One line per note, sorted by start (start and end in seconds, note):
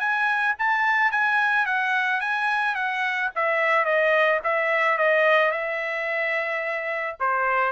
0.00 0.55 G#5
0.59 1.12 A5
1.12 1.66 G#5
1.66 2.21 F#5
2.21 2.75 G#5
2.75 3.30 F#5
3.36 3.85 E5
3.85 4.40 D#5
4.44 4.98 E5
4.98 5.52 D#5
5.52 7.17 E5
7.20 7.72 C5